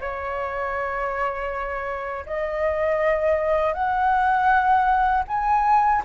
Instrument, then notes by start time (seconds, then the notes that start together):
flute
0.00 C#5
2.26 D#5
3.73 F#5
5.27 G#5